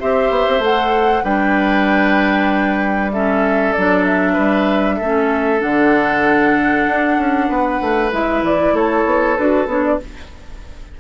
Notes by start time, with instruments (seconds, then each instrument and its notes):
0.00 bassoon C4, clarinet G4, oboe C5, flute E5
0.31 bassoon B3
0.48 bassoon C4
0.60 bassoon A3, clarinet A4, flute F#5
1.24 bassoon G3, clarinet D4, oboe B4, flute G5
3.12 clarinet C#4, oboe A4, flute E5
3.73 bassoon F#3, clarinet D4, flute D5
4.05 flute E5
4.33 bassoon G3, oboe B4
4.96 bassoon A3, oboe A4
5.03 clarinet C#4
5.60 bassoon D3, clarinet D4, flute F#5
6.88 bassoon D4
7.18 bassoon C#4
7.49 bassoon B3, oboe B4
7.81 bassoon A3
8.12 bassoon G#3, clarinet E4, flute E5
8.43 bassoon E3, flute D5
8.73 bassoon A3, oboe A4, flute C#5
9.06 bassoon B3
9.37 bassoon D4, clarinet F#4, flute B4
9.67 bassoon B3, clarinet D4, flute C#5
9.85 flute D5